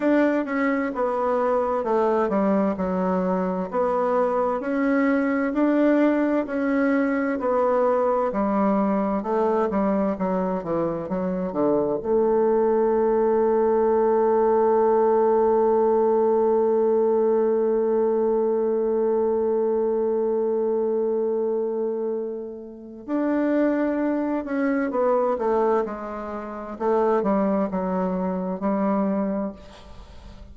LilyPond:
\new Staff \with { instrumentName = "bassoon" } { \time 4/4 \tempo 4 = 65 d'8 cis'8 b4 a8 g8 fis4 | b4 cis'4 d'4 cis'4 | b4 g4 a8 g8 fis8 e8 | fis8 d8 a2.~ |
a1~ | a1~ | a4 d'4. cis'8 b8 a8 | gis4 a8 g8 fis4 g4 | }